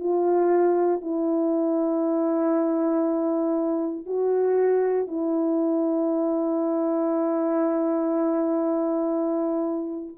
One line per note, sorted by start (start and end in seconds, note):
0.00 1.02 F4
1.02 4.07 E4
4.07 5.08 F#4
5.08 10.16 E4